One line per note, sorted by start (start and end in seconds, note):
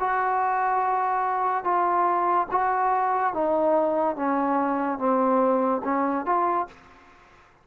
0.00 1.64 F#4
1.64 2.48 F4
2.52 3.34 F#4
3.34 4.17 D#4
4.17 4.99 C#4
4.99 5.82 C4
5.84 6.26 C#4
6.26 6.68 F4